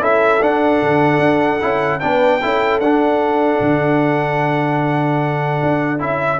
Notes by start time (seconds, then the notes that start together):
0.00 C#4 E4 A4 E5
0.41 D4 F#5
0.82 D3
1.19 D4
1.60 C#4 E4
2.00 B3 D4 B4 G5
2.42 C#4 E4 A4
2.79 D4 F#5
3.61 D3
5.62 D4
5.99 C#4 E4 E5